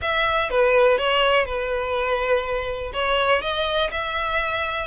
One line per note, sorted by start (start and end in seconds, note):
0.01 0.50 E5
0.50 0.98 B4
0.98 1.45 C#5
1.45 2.91 B4
2.93 3.41 C#5
3.41 3.90 D#5
3.91 4.87 E5